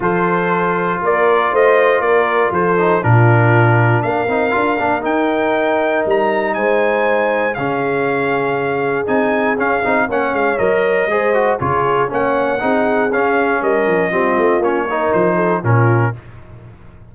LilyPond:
<<
  \new Staff \with { instrumentName = "trumpet" } { \time 4/4 \tempo 4 = 119 c''2 d''4 dis''4 | d''4 c''4 ais'2 | f''2 g''2 | ais''4 gis''2 f''4~ |
f''2 gis''4 f''4 | fis''8 f''8 dis''2 cis''4 | fis''2 f''4 dis''4~ | dis''4 cis''4 c''4 ais'4 | }
  \new Staff \with { instrumentName = "horn" } { \time 4/4 a'2 ais'4 c''4 | ais'4 a'4 f'2 | ais'1~ | ais'4 c''2 gis'4~ |
gis'1 | cis''2 c''4 gis'4 | cis''4 gis'2 ais'4 | f'4. ais'4 a'8 f'4 | }
  \new Staff \with { instrumentName = "trombone" } { \time 4/4 f'1~ | f'4. dis'8 d'2~ | d'8 dis'8 f'8 d'8 dis'2~ | dis'2. cis'4~ |
cis'2 dis'4 cis'8 dis'8 | cis'4 ais'4 gis'8 fis'8 f'4 | cis'4 dis'4 cis'2 | c'4 cis'8 dis'4. cis'4 | }
  \new Staff \with { instrumentName = "tuba" } { \time 4/4 f2 ais4 a4 | ais4 f4 ais,2 | ais8 c'8 d'8 ais8 dis'2 | g4 gis2 cis4~ |
cis2 c'4 cis'8 c'8 | ais8 gis8 fis4 gis4 cis4 | ais4 c'4 cis'4 g8 f8 | g8 a8 ais4 f4 ais,4 | }
>>